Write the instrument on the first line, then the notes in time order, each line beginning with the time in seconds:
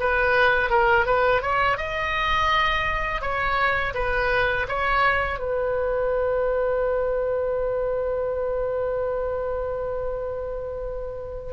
oboe
0.00 B4
0.70 A#4
1.06 B4
1.42 C#5
1.78 D#5
3.21 C#5
3.95 B4
4.69 C#5
5.40 B4